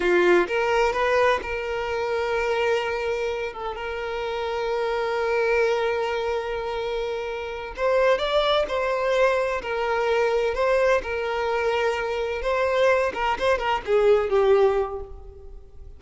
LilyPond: \new Staff \with { instrumentName = "violin" } { \time 4/4 \tempo 4 = 128 f'4 ais'4 b'4 ais'4~ | ais'2.~ ais'8 a'8 | ais'1~ | ais'1~ |
ais'8 c''4 d''4 c''4.~ | c''8 ais'2 c''4 ais'8~ | ais'2~ ais'8 c''4. | ais'8 c''8 ais'8 gis'4 g'4. | }